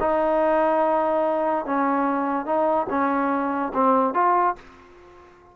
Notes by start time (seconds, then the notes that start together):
0.00 D#4
1.65 C#4
2.45 D#4
2.90 C#4
3.74 C4
4.14 F4